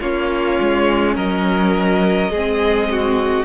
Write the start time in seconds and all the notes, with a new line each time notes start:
0.00 A#3 C#4 F4 C#5
0.61 G#3
1.15 F#3 A#4 D#5
2.30 G#3 C4 G#4
2.91 F#4